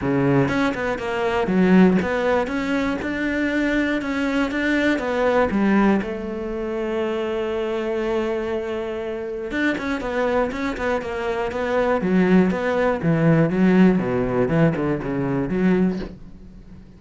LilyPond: \new Staff \with { instrumentName = "cello" } { \time 4/4 \tempo 4 = 120 cis4 cis'8 b8 ais4 fis4 | b4 cis'4 d'2 | cis'4 d'4 b4 g4 | a1~ |
a2. d'8 cis'8 | b4 cis'8 b8 ais4 b4 | fis4 b4 e4 fis4 | b,4 e8 d8 cis4 fis4 | }